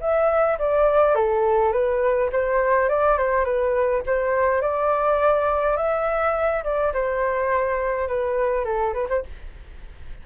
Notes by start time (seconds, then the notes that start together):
0.00 E5
0.58 D5
1.15 A4
1.72 B4
2.32 C5
2.89 D5
3.18 C5
3.45 B4
4.06 C5
4.61 D5
5.77 E5
6.64 D5
6.93 C5
8.08 B4
8.64 A4
8.93 B4
9.09 C5